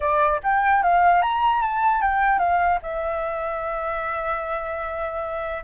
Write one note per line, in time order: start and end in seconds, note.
0.00 0.40 D5
0.43 0.82 G5
0.82 1.22 F5
1.22 1.62 A#5
1.62 2.01 A5
2.01 2.39 G5
2.39 2.79 F5
2.82 5.63 E5